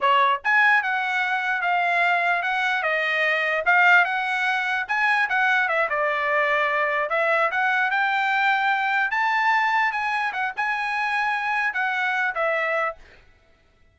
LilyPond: \new Staff \with { instrumentName = "trumpet" } { \time 4/4 \tempo 4 = 148 cis''4 gis''4 fis''2 | f''2 fis''4 dis''4~ | dis''4 f''4 fis''2 | gis''4 fis''4 e''8 d''4.~ |
d''4. e''4 fis''4 g''8~ | g''2~ g''8 a''4.~ | a''8 gis''4 fis''8 gis''2~ | gis''4 fis''4. e''4. | }